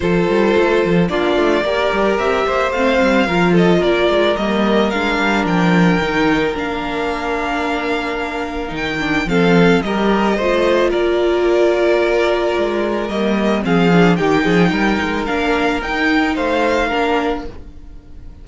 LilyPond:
<<
  \new Staff \with { instrumentName = "violin" } { \time 4/4 \tempo 4 = 110 c''2 d''2 | e''4 f''4. dis''8 d''4 | dis''4 f''4 g''2 | f''1 |
g''4 f''4 dis''2 | d''1 | dis''4 f''4 g''2 | f''4 g''4 f''2 | }
  \new Staff \with { instrumentName = "violin" } { \time 4/4 a'2 f'4 ais'4~ | ais'8 c''4. ais'8 a'8 ais'4~ | ais'1~ | ais'1~ |
ais'4 a'4 ais'4 c''4 | ais'1~ | ais'4 gis'4 g'8 gis'8 ais'4~ | ais'2 c''4 ais'4 | }
  \new Staff \with { instrumentName = "viola" } { \time 4/4 f'2 d'4 g'4~ | g'4 c'4 f'2 | ais4 d'2 dis'4 | d'1 |
dis'8 d'8 c'4 g'4 f'4~ | f'1 | ais4 c'8 d'8 dis'2 | d'4 dis'2 d'4 | }
  \new Staff \with { instrumentName = "cello" } { \time 4/4 f8 g8 a8 f8 ais8 a8 ais8 g8 | c'8 ais8 a8 g8 f4 ais8 gis8 | g4 gis8 g8 f4 dis4 | ais1 |
dis4 f4 g4 a4 | ais2. gis4 | g4 f4 dis8 f8 g8 gis8 | ais4 dis'4 a4 ais4 | }
>>